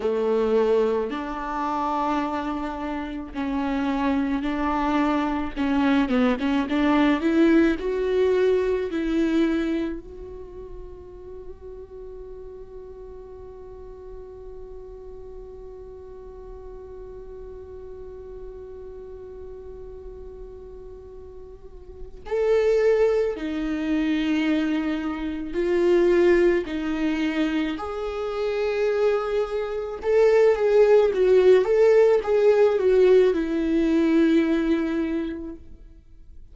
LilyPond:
\new Staff \with { instrumentName = "viola" } { \time 4/4 \tempo 4 = 54 a4 d'2 cis'4 | d'4 cis'8 b16 cis'16 d'8 e'8 fis'4 | e'4 fis'2.~ | fis'1~ |
fis'1 | a'4 dis'2 f'4 | dis'4 gis'2 a'8 gis'8 | fis'8 a'8 gis'8 fis'8 e'2 | }